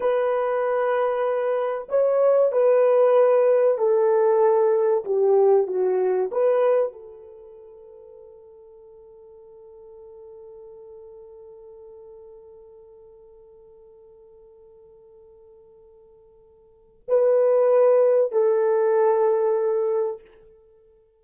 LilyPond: \new Staff \with { instrumentName = "horn" } { \time 4/4 \tempo 4 = 95 b'2. cis''4 | b'2 a'2 | g'4 fis'4 b'4 a'4~ | a'1~ |
a'1~ | a'1~ | a'2. b'4~ | b'4 a'2. | }